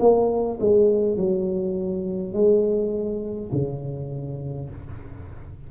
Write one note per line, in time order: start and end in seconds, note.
0.00 0.59 A#3
0.60 1.17 G#3
1.17 2.34 F#3
2.34 3.51 G#3
3.52 4.70 C#3